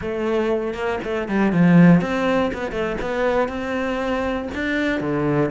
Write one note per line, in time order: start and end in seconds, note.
0.01 0.74 A3
0.74 0.99 A#3
1.04 1.28 A3
1.28 1.52 G3
1.52 2.01 F3
2.01 2.51 C4
2.53 2.71 B3
2.71 2.96 A3
3.01 3.48 B3
3.48 4.48 C4
4.54 5.00 D4
5.00 5.50 D3